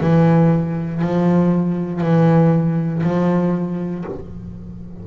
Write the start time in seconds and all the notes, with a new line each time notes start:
0.00 E3
1.02 F3
2.01 E3
3.03 F3